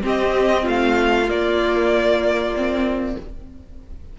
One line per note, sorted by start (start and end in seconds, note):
0.00 1.25 C4
0.00 0.67 C4
0.00 0.62 G4
0.00 0.67 D#5
0.62 1.28 A3
0.62 3.12 F4
0.62 1.29 F5
1.28 2.53 A#3
1.28 3.16 A#3
1.28 3.17 D5
2.56 3.18 C4